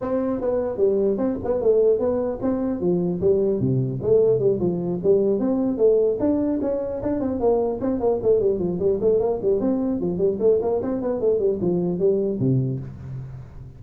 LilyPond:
\new Staff \with { instrumentName = "tuba" } { \time 4/4 \tempo 4 = 150 c'4 b4 g4 c'8 b8 | a4 b4 c'4 f4 | g4 c4 a4 g8 f8~ | f8 g4 c'4 a4 d'8~ |
d'8 cis'4 d'8 c'8 ais4 c'8 | ais8 a8 g8 f8 g8 a8 ais8 g8 | c'4 f8 g8 a8 ais8 c'8 b8 | a8 g8 f4 g4 c4 | }